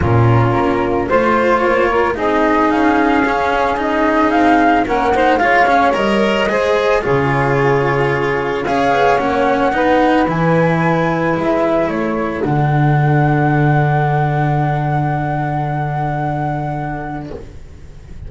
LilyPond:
<<
  \new Staff \with { instrumentName = "flute" } { \time 4/4 \tempo 4 = 111 ais'2 c''4 cis''4 | dis''4 f''2 dis''4 | f''4 fis''4 f''4 dis''4~ | dis''4 cis''2. |
f''4 fis''2 gis''4~ | gis''4 e''4 cis''4 fis''4~ | fis''1~ | fis''1 | }
  \new Staff \with { instrumentName = "saxophone" } { \time 4/4 f'2 c''4. ais'8 | gis'1~ | gis'4 ais'8 c''8 cis''2 | c''4 gis'2. |
cis''2 b'2~ | b'2 a'2~ | a'1~ | a'1 | }
  \new Staff \with { instrumentName = "cello" } { \time 4/4 cis'2 f'2 | dis'2 cis'4 dis'4~ | dis'4 cis'8 dis'8 f'8 cis'8 ais'4 | gis'4 f'2. |
gis'4 cis'4 dis'4 e'4~ | e'2. d'4~ | d'1~ | d'1 | }
  \new Staff \with { instrumentName = "double bass" } { \time 4/4 ais,4 ais4 a4 ais4 | c'4 cis'2. | c'4 ais4 gis4 g4 | gis4 cis2. |
cis'8 b8 ais4 b4 e4~ | e4 gis4 a4 d4~ | d1~ | d1 | }
>>